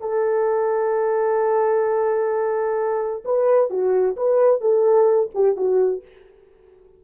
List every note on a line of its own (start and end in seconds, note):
0.00 3.23 A4
3.25 3.70 B4
3.70 4.16 F#4
4.16 4.61 B4
4.61 5.30 A4
5.34 5.56 G4
5.56 6.02 F#4